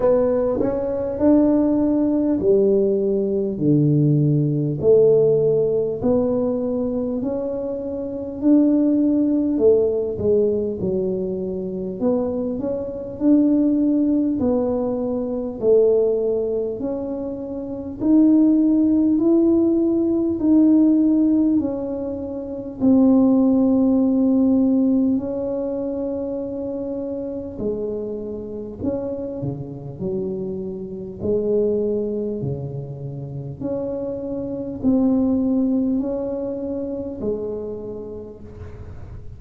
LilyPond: \new Staff \with { instrumentName = "tuba" } { \time 4/4 \tempo 4 = 50 b8 cis'8 d'4 g4 d4 | a4 b4 cis'4 d'4 | a8 gis8 fis4 b8 cis'8 d'4 | b4 a4 cis'4 dis'4 |
e'4 dis'4 cis'4 c'4~ | c'4 cis'2 gis4 | cis'8 cis8 fis4 gis4 cis4 | cis'4 c'4 cis'4 gis4 | }